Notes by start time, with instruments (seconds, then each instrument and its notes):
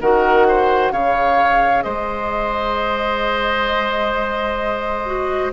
0.00 bassoon D#3, clarinet F#4, oboe A#4, flute F#5
0.48 oboe C5
0.91 bassoon C#3, clarinet G#4, oboe C#5, flute F5
1.82 bassoon G#3, oboe C5, flute D#5
5.05 clarinet F#4